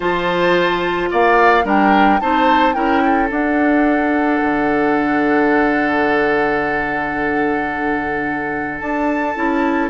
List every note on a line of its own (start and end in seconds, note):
0.00 1.11 F3
0.00 1.64 F4
0.00 1.09 C5
0.00 1.10 A5
1.10 1.64 A#3
1.10 1.65 D5
1.10 1.67 F5
1.64 2.19 G3
1.64 2.19 D4
1.64 2.20 A#4
1.64 2.20 G5
2.20 2.75 C4
2.20 2.74 D#4
2.20 2.75 C5
2.20 2.73 A5
2.73 3.30 C#4
2.73 3.29 E4
2.73 3.02 A#4
2.73 3.28 G5
3.04 9.90 A4
3.29 9.34 D4
3.29 4.40 D4
3.29 8.79 F#5
4.41 8.80 D3
8.79 9.35 D4
8.79 9.89 A5
9.35 9.90 C#4
9.35 9.90 E4